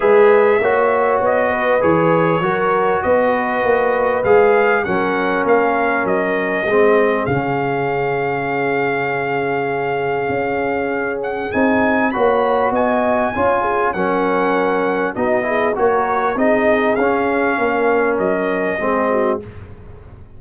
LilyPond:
<<
  \new Staff \with { instrumentName = "trumpet" } { \time 4/4 \tempo 4 = 99 e''2 dis''4 cis''4~ | cis''4 dis''2 f''4 | fis''4 f''4 dis''2 | f''1~ |
f''2~ f''8 fis''8 gis''4 | b''4 gis''2 fis''4~ | fis''4 dis''4 cis''4 dis''4 | f''2 dis''2 | }
  \new Staff \with { instrumentName = "horn" } { \time 4/4 b'4 cis''4. b'4. | ais'4 b'2. | ais'2. gis'4~ | gis'1~ |
gis'1 | cis''4 dis''4 cis''8 gis'8 ais'4~ | ais'4 fis'8 gis'8 ais'4 gis'4~ | gis'4 ais'2 gis'8 fis'8 | }
  \new Staff \with { instrumentName = "trombone" } { \time 4/4 gis'4 fis'2 gis'4 | fis'2. gis'4 | cis'2. c'4 | cis'1~ |
cis'2. dis'4 | fis'2 f'4 cis'4~ | cis'4 dis'8 e'8 fis'4 dis'4 | cis'2. c'4 | }
  \new Staff \with { instrumentName = "tuba" } { \time 4/4 gis4 ais4 b4 e4 | fis4 b4 ais4 gis4 | fis4 ais4 fis4 gis4 | cis1~ |
cis4 cis'2 c'4 | ais4 b4 cis'4 fis4~ | fis4 b4 ais4 c'4 | cis'4 ais4 fis4 gis4 | }
>>